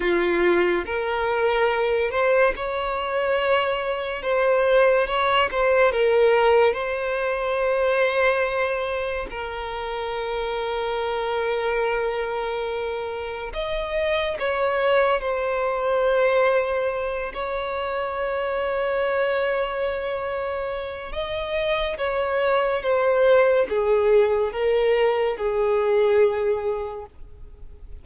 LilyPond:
\new Staff \with { instrumentName = "violin" } { \time 4/4 \tempo 4 = 71 f'4 ais'4. c''8 cis''4~ | cis''4 c''4 cis''8 c''8 ais'4 | c''2. ais'4~ | ais'1 |
dis''4 cis''4 c''2~ | c''8 cis''2.~ cis''8~ | cis''4 dis''4 cis''4 c''4 | gis'4 ais'4 gis'2 | }